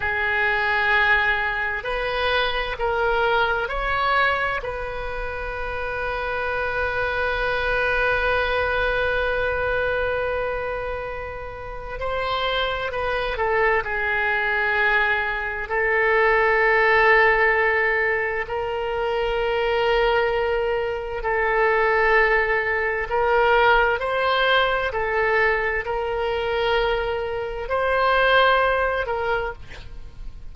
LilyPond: \new Staff \with { instrumentName = "oboe" } { \time 4/4 \tempo 4 = 65 gis'2 b'4 ais'4 | cis''4 b'2.~ | b'1~ | b'4 c''4 b'8 a'8 gis'4~ |
gis'4 a'2. | ais'2. a'4~ | a'4 ais'4 c''4 a'4 | ais'2 c''4. ais'8 | }